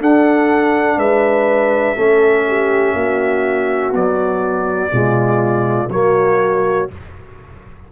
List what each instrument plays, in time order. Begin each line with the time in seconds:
0.00 trombone D4, tuba D4, horn A4, trumpet F#5
0.97 tuba G#3, horn B4, trumpet E5
1.96 tuba A3, trombone C#4, horn A4
2.48 horn G4
2.94 tuba A#3, horn F#4
3.91 trombone F#3, tuba B3, trumpet D5
4.91 tuba B2, trombone G#3, horn F4
5.89 tuba F#3, trombone A#3, horn F#4, trumpet C#5